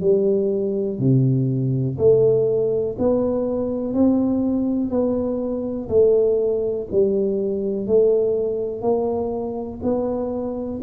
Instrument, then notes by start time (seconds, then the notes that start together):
tuba
0.00 G3
0.98 C3
1.98 A3
2.98 B3
3.93 C4
4.90 B3
5.89 A3
6.91 G3
7.87 A3
8.82 A#3
9.83 B3